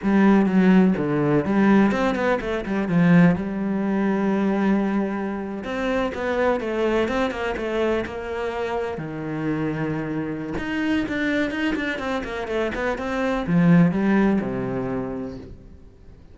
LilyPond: \new Staff \with { instrumentName = "cello" } { \time 4/4 \tempo 4 = 125 g4 fis4 d4 g4 | c'8 b8 a8 g8 f4 g4~ | g2.~ g8. c'16~ | c'8. b4 a4 c'8 ais8 a16~ |
a8. ais2 dis4~ dis16~ | dis2 dis'4 d'4 | dis'8 d'8 c'8 ais8 a8 b8 c'4 | f4 g4 c2 | }